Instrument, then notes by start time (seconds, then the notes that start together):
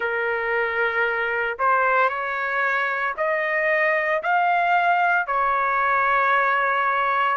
trumpet
0.00 A#4
1.58 C5
2.09 C#5
3.17 D#5
4.22 F5
5.26 C#5